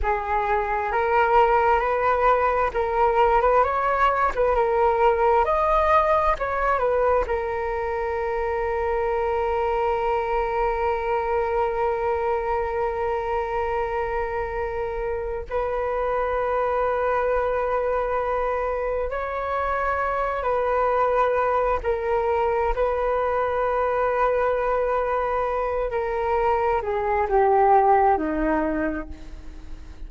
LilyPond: \new Staff \with { instrumentName = "flute" } { \time 4/4 \tempo 4 = 66 gis'4 ais'4 b'4 ais'8. b'16 | cis''8. b'16 ais'4 dis''4 cis''8 b'8 | ais'1~ | ais'1~ |
ais'4 b'2.~ | b'4 cis''4. b'4. | ais'4 b'2.~ | b'8 ais'4 gis'8 g'4 dis'4 | }